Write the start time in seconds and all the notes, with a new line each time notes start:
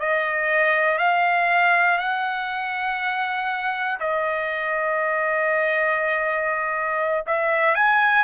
0.00 D#5
0.99 F5
1.99 F#5
4.00 D#5
7.27 E5
7.76 G#5